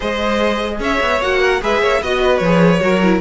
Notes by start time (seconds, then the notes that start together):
0.00 G#3 G#4 C5 D#5
0.79 C#4 C#5 E5
1.01 B3
1.21 A#3 F#4 F#5
1.40 A#4
1.61 G#3 G#4 B4 E5
1.81 A#3 C#5
2.01 B3 F#4 D#5
2.20 B4
2.37 F3 C#5
2.44 G#4
2.80 F#3 F#4 A#4
3.03 E4